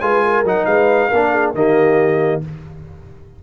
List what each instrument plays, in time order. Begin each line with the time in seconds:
0.00 tuba G#3, trombone F4, horn B4, trumpet G#5
0.23 horn A#4
0.44 tuba F#3, trombone D#4, trumpet F#5
0.65 tuba G#3, horn B4, trumpet F5
1.09 tuba A#3, trombone D4, horn A#4
1.31 horn G#4
1.54 tuba D#3, trombone A#3, horn G4, trumpet D#5